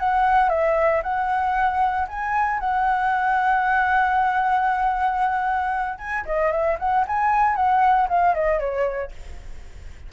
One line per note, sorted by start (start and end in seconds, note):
0.00 0.50 F#5
0.50 1.02 E5
1.03 2.08 F#5
2.08 2.60 G#5
2.60 5.99 F#5
5.99 6.25 G#5
6.26 6.52 D#5
6.52 6.78 E5
6.79 7.06 F#5
7.07 7.56 G#5
7.56 8.08 F#5
8.09 8.35 F5
8.35 8.59 D#5
8.59 9.12 C#5